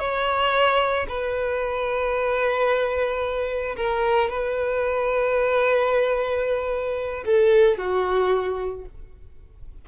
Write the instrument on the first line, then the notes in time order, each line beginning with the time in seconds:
violin
0.00 C#5
1.08 B4
3.76 A#4
4.30 B4
7.26 A4
7.78 F#4